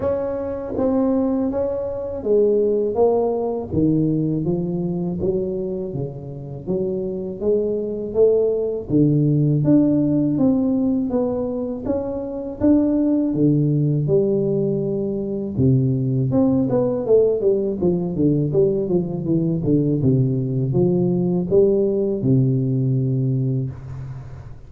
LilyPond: \new Staff \with { instrumentName = "tuba" } { \time 4/4 \tempo 4 = 81 cis'4 c'4 cis'4 gis4 | ais4 dis4 f4 fis4 | cis4 fis4 gis4 a4 | d4 d'4 c'4 b4 |
cis'4 d'4 d4 g4~ | g4 c4 c'8 b8 a8 g8 | f8 d8 g8 f8 e8 d8 c4 | f4 g4 c2 | }